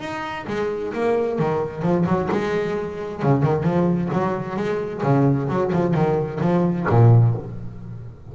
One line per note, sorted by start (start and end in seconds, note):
0.00 0.46 D#4
0.47 0.93 G#3
0.94 1.39 A#3
1.39 1.83 D#3
1.83 2.05 F3
2.07 2.29 F#3
2.32 3.23 G#3
3.23 3.43 C#3
3.43 3.63 D#3
3.63 4.09 F3
4.13 4.56 F#3
4.56 5.02 G#3
5.03 5.49 C#3
5.49 5.72 F#3
5.73 5.94 F3
5.94 6.40 D#3
6.41 6.87 F3
6.90 7.35 A#2